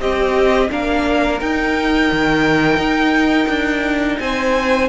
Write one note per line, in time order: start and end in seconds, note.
0.00 0.70 C4
0.00 0.71 C4
0.00 0.71 G4
0.00 0.71 D#5
0.71 1.41 A#3
0.71 1.41 D4
0.71 4.20 A#4
0.71 1.41 F5
1.41 2.11 D#4
1.41 4.89 D#4
1.41 4.19 G5
2.12 2.78 D#3
2.78 3.47 D#4
3.49 4.19 D4
4.19 4.89 C4
4.19 4.89 C5
4.19 4.89 G#5